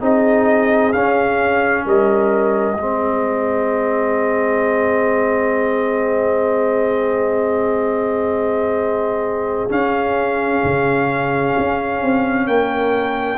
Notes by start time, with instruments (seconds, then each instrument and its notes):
0.00 tuba C4, trombone D#4, horn G#4, trumpet D#5
0.92 trombone C#4, tuba C#4, trumpet F5
1.84 tuba G3, horn A#4, trumpet D#5
2.73 tuba G#3, trombone C4, horn G#4
9.69 trombone C#4, tuba C#4, trumpet F5
10.63 tuba C#3
11.57 tuba C#4
12.02 tuba C4
12.47 tuba A#3, horn A#4, trumpet G5